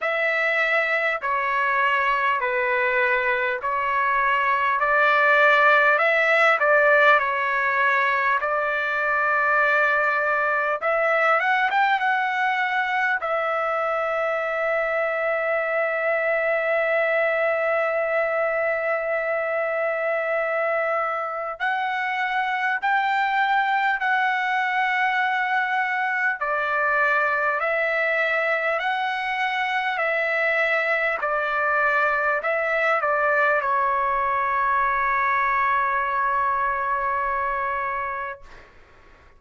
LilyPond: \new Staff \with { instrumentName = "trumpet" } { \time 4/4 \tempo 4 = 50 e''4 cis''4 b'4 cis''4 | d''4 e''8 d''8 cis''4 d''4~ | d''4 e''8 fis''16 g''16 fis''4 e''4~ | e''1~ |
e''2 fis''4 g''4 | fis''2 d''4 e''4 | fis''4 e''4 d''4 e''8 d''8 | cis''1 | }